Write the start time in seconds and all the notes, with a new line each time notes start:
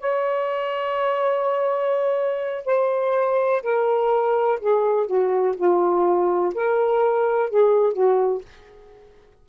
0.00 C#5
2.66 C5
3.63 A#4
4.61 G#4
5.07 F#4
5.56 F4
6.55 A#4
7.50 G#4
7.93 F#4